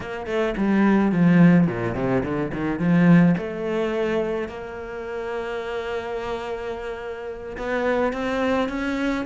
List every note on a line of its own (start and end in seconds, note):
0.00 0.26 A#3
0.26 0.54 A3
0.57 1.12 G3
1.12 1.67 F3
1.67 1.94 A#2
1.94 2.23 C3
2.23 2.51 D3
2.53 2.79 D#3
2.79 3.35 F3
3.37 4.48 A3
4.48 7.56 A#3
7.57 8.13 B3
8.13 8.68 C4
8.68 9.24 C#4